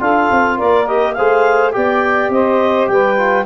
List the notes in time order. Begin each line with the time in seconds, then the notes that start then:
0.00 D4 F4 A4 F5
0.32 C4
0.56 A#3 A#4 D5
0.87 G4 D#5
1.13 A3 G#4 C5 F5
1.72 B3 G4 D5 G5
2.30 C4 C5 D#5
2.88 G3 B4 G5
3.17 F4